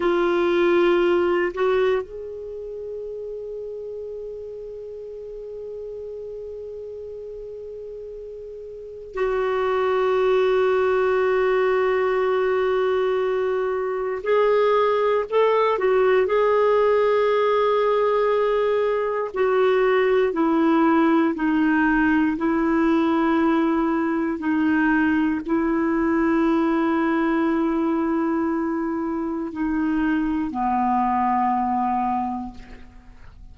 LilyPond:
\new Staff \with { instrumentName = "clarinet" } { \time 4/4 \tempo 4 = 59 f'4. fis'8 gis'2~ | gis'1~ | gis'4 fis'2.~ | fis'2 gis'4 a'8 fis'8 |
gis'2. fis'4 | e'4 dis'4 e'2 | dis'4 e'2.~ | e'4 dis'4 b2 | }